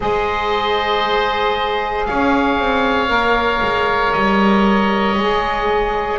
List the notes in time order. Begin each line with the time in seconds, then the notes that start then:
0.00 G#3 G#4 C5 D#5
2.05 C#4 C#5 F5
2.58 C4
3.08 A#3 A#4
3.62 G#3
4.12 G3 D#5
5.17 G#3 G#4